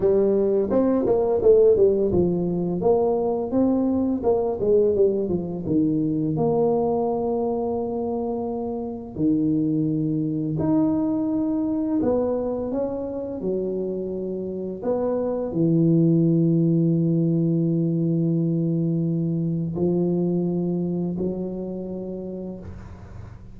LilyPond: \new Staff \with { instrumentName = "tuba" } { \time 4/4 \tempo 4 = 85 g4 c'8 ais8 a8 g8 f4 | ais4 c'4 ais8 gis8 g8 f8 | dis4 ais2.~ | ais4 dis2 dis'4~ |
dis'4 b4 cis'4 fis4~ | fis4 b4 e2~ | e1 | f2 fis2 | }